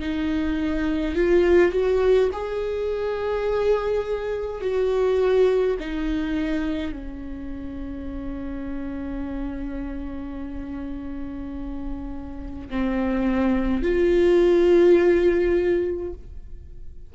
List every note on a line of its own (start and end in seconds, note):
0.00 1.15 D#4
1.15 1.73 F4
1.73 2.30 F#4
2.33 4.62 G#4
4.62 5.77 F#4
5.80 6.92 D#4
6.92 12.69 C#4
12.70 13.83 C4
13.83 16.13 F4